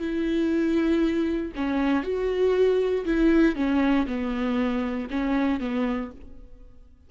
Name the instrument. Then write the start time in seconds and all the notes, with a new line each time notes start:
viola
0.00 E4
1.56 C#4
2.04 F#4
3.06 E4
3.56 C#4
4.07 B3
5.11 C#4
5.60 B3